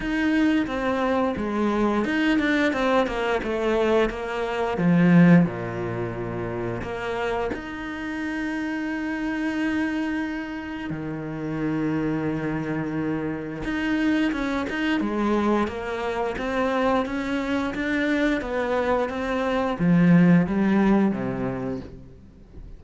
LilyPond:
\new Staff \with { instrumentName = "cello" } { \time 4/4 \tempo 4 = 88 dis'4 c'4 gis4 dis'8 d'8 | c'8 ais8 a4 ais4 f4 | ais,2 ais4 dis'4~ | dis'1 |
dis1 | dis'4 cis'8 dis'8 gis4 ais4 | c'4 cis'4 d'4 b4 | c'4 f4 g4 c4 | }